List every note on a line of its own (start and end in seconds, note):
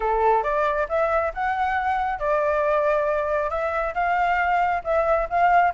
0.00 0.43 A4
0.43 0.87 D5
0.88 1.32 E5
1.34 2.19 F#5
2.19 3.50 D5
3.50 3.94 E5
3.94 4.82 F5
4.84 5.28 E5
5.29 5.73 F5